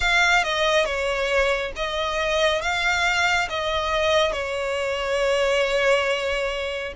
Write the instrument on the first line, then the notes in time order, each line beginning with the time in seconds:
violin
0.00 F5
0.43 D#5
0.85 C#5
1.75 D#5
2.61 F5
3.49 D#5
4.32 C#5